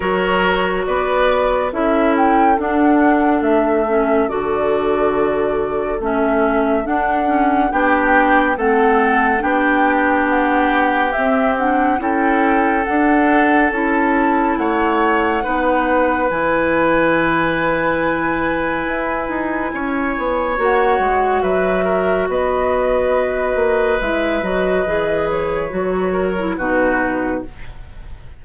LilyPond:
<<
  \new Staff \with { instrumentName = "flute" } { \time 4/4 \tempo 4 = 70 cis''4 d''4 e''8 g''8 fis''4 | e''4 d''2 e''4 | fis''4 g''4 fis''4 g''4 | fis''4 e''8 fis''8 g''4 fis''4 |
a''4 fis''2 gis''4~ | gis''1 | fis''4 e''4 dis''2 | e''8 dis''4 cis''4. b'4 | }
  \new Staff \with { instrumentName = "oboe" } { \time 4/4 ais'4 b'4 a'2~ | a'1~ | a'4 g'4 a'4 g'4~ | g'2 a'2~ |
a'4 cis''4 b'2~ | b'2. cis''4~ | cis''4 b'8 ais'8 b'2~ | b'2~ b'8 ais'8 fis'4 | }
  \new Staff \with { instrumentName = "clarinet" } { \time 4/4 fis'2 e'4 d'4~ | d'8 cis'8 fis'2 cis'4 | d'8 cis'8 d'4 c'4 d'4~ | d'4 c'8 d'8 e'4 d'4 |
e'2 dis'4 e'4~ | e'1 | fis'1 | e'8 fis'8 gis'4 fis'8. e'16 dis'4 | }
  \new Staff \with { instrumentName = "bassoon" } { \time 4/4 fis4 b4 cis'4 d'4 | a4 d2 a4 | d'4 b4 a4 b4~ | b4 c'4 cis'4 d'4 |
cis'4 a4 b4 e4~ | e2 e'8 dis'8 cis'8 b8 | ais8 gis8 fis4 b4. ais8 | gis8 fis8 e4 fis4 b,4 | }
>>